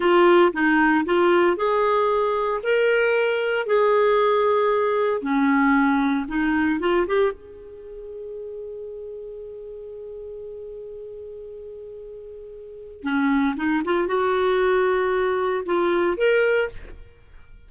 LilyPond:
\new Staff \with { instrumentName = "clarinet" } { \time 4/4 \tempo 4 = 115 f'4 dis'4 f'4 gis'4~ | gis'4 ais'2 gis'4~ | gis'2 cis'2 | dis'4 f'8 g'8 gis'2~ |
gis'1~ | gis'1~ | gis'4 cis'4 dis'8 f'8 fis'4~ | fis'2 f'4 ais'4 | }